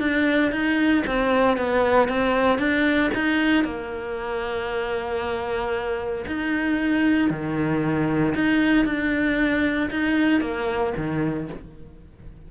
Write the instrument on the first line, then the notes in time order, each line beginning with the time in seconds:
cello
0.00 D4
0.52 D#4
1.07 C4
1.57 B3
2.09 C4
2.59 D4
3.15 D#4
3.65 A#3
6.27 D#4
7.30 D#3
8.35 D#4
8.86 D4
9.91 D#4
10.41 A#3
10.97 D#3